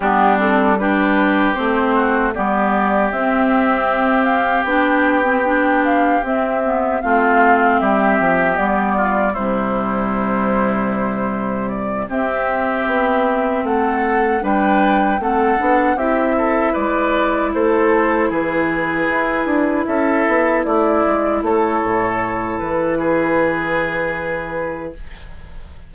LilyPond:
<<
  \new Staff \with { instrumentName = "flute" } { \time 4/4 \tempo 4 = 77 g'8 a'8 b'4 c''4 d''4 | e''4. f''8 g''4. f''8 | e''4 f''4 e''4 d''4 | c''2. d''8 e''8~ |
e''4. fis''4 g''4 fis''8~ | fis''8 e''4 d''4 c''4 b'8~ | b'4. e''4 d''4 cis''8~ | cis''4 b'2. | }
  \new Staff \with { instrumentName = "oboe" } { \time 4/4 d'4 g'4. fis'8 g'4~ | g'1~ | g'4 f'4 g'4. f'8 | e'2.~ e'8 g'8~ |
g'4. a'4 b'4 a'8~ | a'8 g'8 a'8 b'4 a'4 gis'8~ | gis'4. a'4 e'4 a'8~ | a'4. gis'2~ gis'8 | }
  \new Staff \with { instrumentName = "clarinet" } { \time 4/4 b8 c'8 d'4 c'4 b4 | c'2 d'8. c'16 d'4 | c'8 b8 c'2 b4 | g2.~ g8 c'8~ |
c'2~ c'8 d'4 c'8 | d'8 e'2.~ e'8~ | e'1~ | e'1 | }
  \new Staff \with { instrumentName = "bassoon" } { \time 4/4 g2 a4 g4 | c'2 b2 | c'4 a4 g8 f8 g4 | c2.~ c8 c'8~ |
c'8 b4 a4 g4 a8 | b8 c'4 gis4 a4 e8~ | e8 e'8 d'8 cis'8 b8 a8 gis8 a8 | a,4 e2. | }
>>